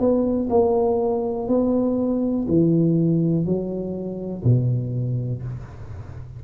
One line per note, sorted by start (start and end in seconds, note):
0.00 0.49 B3
0.50 1.48 A#3
1.48 2.47 B3
2.49 3.46 E3
3.46 4.44 F#3
4.44 5.43 B2